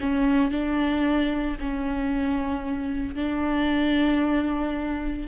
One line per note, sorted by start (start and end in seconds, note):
0.00 0.51 C#4
0.51 1.57 D4
1.60 3.15 C#4
3.15 5.27 D4